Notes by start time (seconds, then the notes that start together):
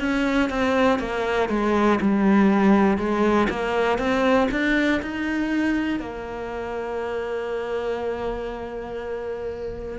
0.00 C#4
0.50 C4
0.99 A#3
1.50 G#3
2.01 G3
2.98 G#3
3.50 A#3
3.99 C4
4.51 D4
5.02 D#4
6.00 A#3